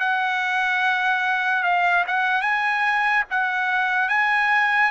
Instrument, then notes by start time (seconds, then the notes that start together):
trumpet
0.00 F#5
1.64 F5
2.08 F#5
2.42 G#5
3.31 F#5
4.09 G#5